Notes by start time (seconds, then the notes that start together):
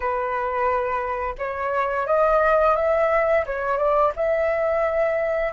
0.00 B4
1.38 C#5
2.07 D#5
2.76 E5
3.46 C#5
3.77 D5
4.15 E5